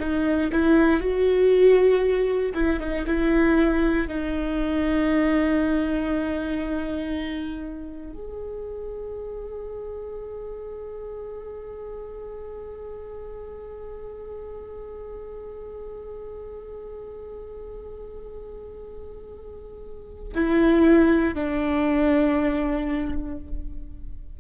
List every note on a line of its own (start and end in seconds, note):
0.00 0.51 D#4
0.52 1.00 E4
1.00 2.53 F#4
2.55 2.80 E4
2.80 3.06 D#4
3.07 4.08 E4
4.08 8.14 D#4
8.14 20.34 G#4
20.35 21.35 E4
21.35 23.38 D4